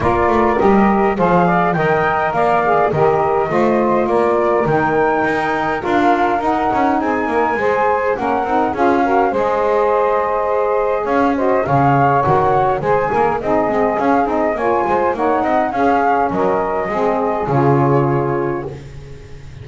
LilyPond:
<<
  \new Staff \with { instrumentName = "flute" } { \time 4/4 \tempo 4 = 103 d''4 dis''4 f''4 g''4 | f''4 dis''2 d''4 | g''2 f''4 fis''4 | gis''2 fis''4 f''4 |
dis''2. f''8 dis''8 | f''4 fis''4 gis''4 dis''4 | f''8 dis''8 gis''4 fis''4 f''4 | dis''2 cis''2 | }
  \new Staff \with { instrumentName = "saxophone" } { \time 4/4 ais'2 c''8 d''8 dis''4 | d''4 ais'4 c''4 ais'4~ | ais'1 | gis'8 ais'8 c''4 ais'4 gis'8 ais'8 |
c''2. cis''8 c''8 | cis''2 c''8 ais'8 gis'4~ | gis'4 cis''8 c''8 cis''8 dis''8 gis'4 | ais'4 gis'2. | }
  \new Staff \with { instrumentName = "saxophone" } { \time 4/4 f'4 g'4 gis'4 ais'4~ | ais'8 gis'8 g'4 f'2 | dis'2 f'4 dis'4~ | dis'4 gis'4 cis'8 dis'8 f'8 fis'8 |
gis'2.~ gis'8 fis'8 | gis'4 fis'4 gis'4 dis'8 c'8 | cis'8 dis'8 f'4 dis'4 cis'4~ | cis'4 c'4 f'2 | }
  \new Staff \with { instrumentName = "double bass" } { \time 4/4 ais8 a8 g4 f4 dis4 | ais4 dis4 a4 ais4 | dis4 dis'4 d'4 dis'8 cis'8 | c'8 ais8 gis4 ais8 c'8 cis'4 |
gis2. cis'4 | cis4 dis4 gis8 ais8 c'8 gis8 | cis'8 c'8 ais8 gis8 ais8 c'8 cis'4 | fis4 gis4 cis2 | }
>>